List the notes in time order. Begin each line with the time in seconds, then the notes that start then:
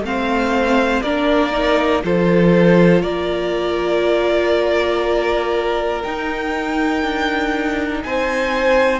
0.00 A3 C4 F5
0.07 C5
1.02 A#3 D4 A#4 D5
1.52 D#4
2.03 F3 F4 A4 C5
3.02 A#3 A#4 D5
6.03 D#4 G5
7.03 D4
8.03 C4 C5 G#5